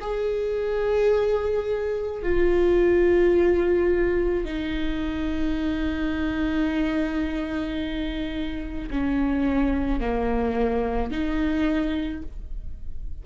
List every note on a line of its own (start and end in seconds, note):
0.00 2.22 G#4
2.22 4.44 F4
4.44 8.89 D#4
8.90 10.00 C#4
10.00 11.11 A#3
11.11 12.22 D#4